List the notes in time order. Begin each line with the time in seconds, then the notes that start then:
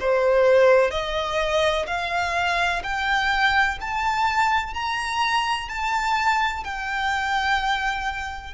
0.00 C5
0.91 D#5
1.87 F5
2.83 G5
3.81 A5
4.74 A#5
5.69 A5
6.65 G5